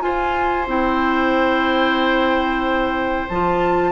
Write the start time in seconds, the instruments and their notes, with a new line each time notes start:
0.00 clarinet F4, bassoon F4, oboe C5, flute G#5
0.67 bassoon C4, clarinet E4, flute G5
3.29 bassoon F3, clarinet F4, flute A5